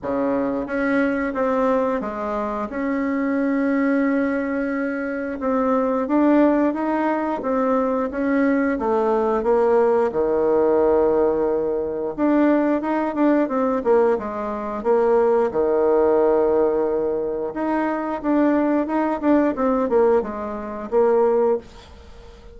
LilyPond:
\new Staff \with { instrumentName = "bassoon" } { \time 4/4 \tempo 4 = 89 cis4 cis'4 c'4 gis4 | cis'1 | c'4 d'4 dis'4 c'4 | cis'4 a4 ais4 dis4~ |
dis2 d'4 dis'8 d'8 | c'8 ais8 gis4 ais4 dis4~ | dis2 dis'4 d'4 | dis'8 d'8 c'8 ais8 gis4 ais4 | }